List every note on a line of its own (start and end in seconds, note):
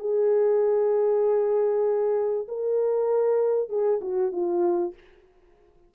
0.00 2.47 G#4
2.49 3.69 A#4
3.69 4.00 G#4
4.01 4.32 F#4
4.32 4.94 F4